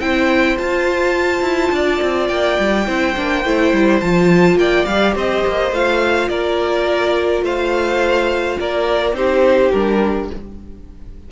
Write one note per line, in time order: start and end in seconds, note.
0.00 0.57 C4
0.00 0.57 E4
0.00 1.75 C5
0.00 0.58 G5
0.57 2.86 F4
0.57 1.42 F4
0.57 2.28 A5
1.42 1.70 E4
1.72 2.00 D4
1.72 2.87 D5
2.02 2.30 C4
2.28 2.58 A#3
2.28 3.99 G5
2.59 2.88 G3
2.87 3.16 C4
2.87 3.15 E4
2.87 4.59 C5
3.16 3.45 A#3
3.16 3.45 D4
3.45 3.73 A3
3.45 4.02 E4
3.73 4.02 G3
4.01 4.56 F3
4.01 4.87 F4
4.01 4.58 A5
4.56 4.84 A#3
4.56 5.15 D5
4.56 4.86 G5
4.86 5.15 G3
4.86 5.73 G4
4.86 5.14 F5
5.15 5.44 C4
5.15 6.30 C5
5.15 5.75 D#5
5.47 5.72 A#3
5.72 6.29 A3
5.72 9.15 F4
5.72 6.29 F5
6.29 7.42 A#3
6.29 7.44 A#4
6.29 7.43 D5
7.42 8.57 A3
7.42 8.59 C5
7.42 8.60 F5
8.60 9.13 A#3
8.60 9.17 A#4
8.60 9.15 D5
9.13 9.70 C4
9.13 9.72 D#4
9.13 10.31 G4
9.13 9.72 C5
9.72 10.30 G3
9.72 10.32 D4
9.72 10.29 A#4